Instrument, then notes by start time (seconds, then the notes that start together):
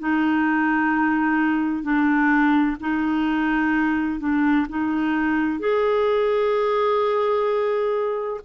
clarinet
0.00 D#4
1.83 D4
2.81 D#4
4.20 D4
4.69 D#4
5.60 G#4